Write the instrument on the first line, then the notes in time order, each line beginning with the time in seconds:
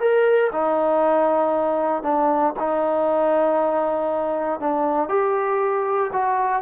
trombone
0.00 A#4
0.52 D#4
2.03 D4
2.59 D#4
4.60 D4
5.09 G4
6.13 F#4